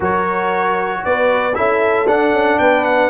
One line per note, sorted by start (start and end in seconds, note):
0.00 1.02 F#3
0.00 1.53 F#4
0.00 1.01 A#4
0.00 1.04 C#5
1.04 1.56 B3
1.04 1.56 B4
1.04 1.55 D5
1.54 2.07 C#4
1.54 2.06 E4
1.54 2.59 A4
1.54 2.06 E5
2.07 2.32 D4
2.07 3.09 D4
2.07 2.58 F#5
2.32 2.58 C#4
2.58 3.09 B3
2.58 3.09 B4
2.58 2.84 G5
2.84 3.09 F#5